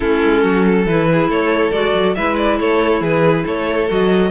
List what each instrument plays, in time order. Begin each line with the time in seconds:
0.00 cello A3, clarinet C#4, violin E4 A4
0.24 cello G#3
0.43 cello F#3, violin F#4
0.66 violin A4
0.85 cello E3, clarinet E4, violin B4
1.12 violin G#4
1.28 cello A3, violin A4 C#5
1.71 cello G#3, clarinet F#4, violin D5
1.94 cello F#3
2.14 cello G#3, clarinet E4, violin B4 E5
2.37 violin D5
2.59 cello A3, violin A4 C#5
3.00 cello E3, violin G#4 B4
3.44 cello A3, violin A4 C#5
3.87 cello F#3, clarinet F#4, violin D#5